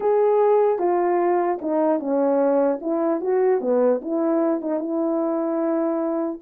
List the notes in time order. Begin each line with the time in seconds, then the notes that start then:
0.00 G#4
0.78 F4
1.61 D#4
1.99 C#4
2.81 E4
3.21 F#4
3.60 B3
4.01 E4
4.61 D#4
4.79 E4